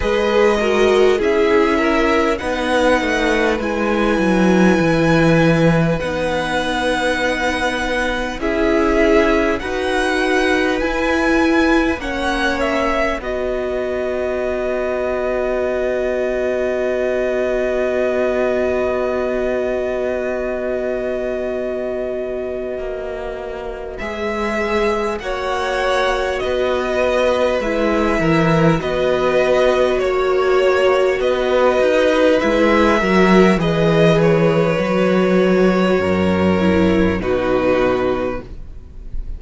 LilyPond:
<<
  \new Staff \with { instrumentName = "violin" } { \time 4/4 \tempo 4 = 50 dis''4 e''4 fis''4 gis''4~ | gis''4 fis''2 e''4 | fis''4 gis''4 fis''8 e''8 dis''4~ | dis''1~ |
dis''1 | e''4 fis''4 dis''4 e''4 | dis''4 cis''4 dis''4 e''4 | dis''8 cis''2~ cis''8 b'4 | }
  \new Staff \with { instrumentName = "violin" } { \time 4/4 b'8 ais'8 gis'8 ais'8 b'2~ | b'2. gis'4 | b'2 cis''4 b'4~ | b'1~ |
b'1~ | b'4 cis''4 b'4. ais'8 | b'4 cis''4 b'4. ais'8 | b'2 ais'4 fis'4 | }
  \new Staff \with { instrumentName = "viola" } { \time 4/4 gis'8 fis'8 e'4 dis'4 e'4~ | e'4 dis'2 e'4 | fis'4 e'4 cis'4 fis'4~ | fis'1~ |
fis'1 | gis'4 fis'2 e'4 | fis'2. e'8 fis'8 | gis'4 fis'4. e'8 dis'4 | }
  \new Staff \with { instrumentName = "cello" } { \time 4/4 gis4 cis'4 b8 a8 gis8 fis8 | e4 b2 cis'4 | dis'4 e'4 ais4 b4~ | b1~ |
b2. ais4 | gis4 ais4 b4 gis8 e8 | b4 ais4 b8 dis'8 gis8 fis8 | e4 fis4 fis,4 b,4 | }
>>